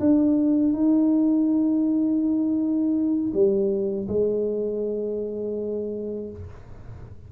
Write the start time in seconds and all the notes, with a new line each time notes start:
0.00 D4
0.73 D#4
3.34 G3
4.08 G#3